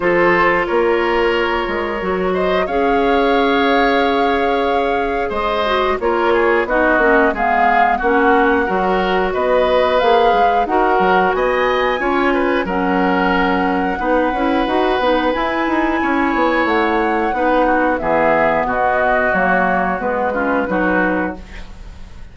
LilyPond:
<<
  \new Staff \with { instrumentName = "flute" } { \time 4/4 \tempo 4 = 90 c''4 cis''2~ cis''8 dis''8 | f''1 | dis''4 cis''4 dis''4 f''4 | fis''2 dis''4 f''4 |
fis''4 gis''2 fis''4~ | fis''2. gis''4~ | gis''4 fis''2 e''4 | dis''4 cis''4 b'2 | }
  \new Staff \with { instrumentName = "oboe" } { \time 4/4 a'4 ais'2~ ais'8 c''8 | cis''1 | c''4 ais'8 gis'8 fis'4 gis'4 | fis'4 ais'4 b'2 |
ais'4 dis''4 cis''8 b'8 ais'4~ | ais'4 b'2. | cis''2 b'8 fis'8 gis'4 | fis'2~ fis'8 f'8 fis'4 | }
  \new Staff \with { instrumentName = "clarinet" } { \time 4/4 f'2. fis'4 | gis'1~ | gis'8 fis'8 f'4 dis'8 cis'8 b4 | cis'4 fis'2 gis'4 |
fis'2 f'4 cis'4~ | cis'4 dis'8 e'8 fis'8 dis'8 e'4~ | e'2 dis'4 b4~ | b4 ais4 b8 cis'8 dis'4 | }
  \new Staff \with { instrumentName = "bassoon" } { \time 4/4 f4 ais4. gis8 fis4 | cis'1 | gis4 ais4 b8 ais8 gis4 | ais4 fis4 b4 ais8 gis8 |
dis'8 fis8 b4 cis'4 fis4~ | fis4 b8 cis'8 dis'8 b8 e'8 dis'8 | cis'8 b8 a4 b4 e4 | b,4 fis4 gis4 fis4 | }
>>